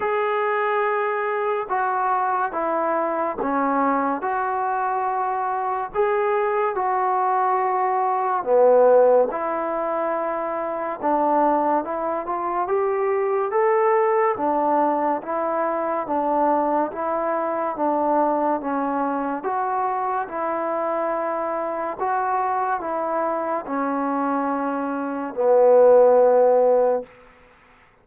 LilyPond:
\new Staff \with { instrumentName = "trombone" } { \time 4/4 \tempo 4 = 71 gis'2 fis'4 e'4 | cis'4 fis'2 gis'4 | fis'2 b4 e'4~ | e'4 d'4 e'8 f'8 g'4 |
a'4 d'4 e'4 d'4 | e'4 d'4 cis'4 fis'4 | e'2 fis'4 e'4 | cis'2 b2 | }